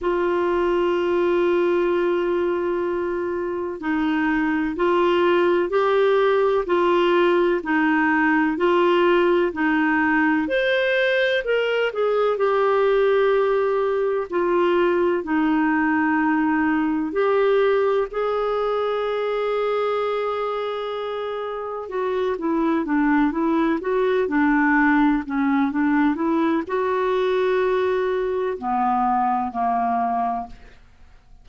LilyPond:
\new Staff \with { instrumentName = "clarinet" } { \time 4/4 \tempo 4 = 63 f'1 | dis'4 f'4 g'4 f'4 | dis'4 f'4 dis'4 c''4 | ais'8 gis'8 g'2 f'4 |
dis'2 g'4 gis'4~ | gis'2. fis'8 e'8 | d'8 e'8 fis'8 d'4 cis'8 d'8 e'8 | fis'2 b4 ais4 | }